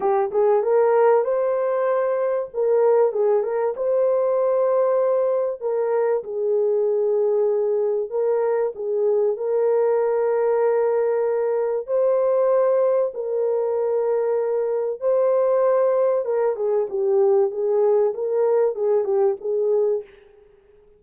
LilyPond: \new Staff \with { instrumentName = "horn" } { \time 4/4 \tempo 4 = 96 g'8 gis'8 ais'4 c''2 | ais'4 gis'8 ais'8 c''2~ | c''4 ais'4 gis'2~ | gis'4 ais'4 gis'4 ais'4~ |
ais'2. c''4~ | c''4 ais'2. | c''2 ais'8 gis'8 g'4 | gis'4 ais'4 gis'8 g'8 gis'4 | }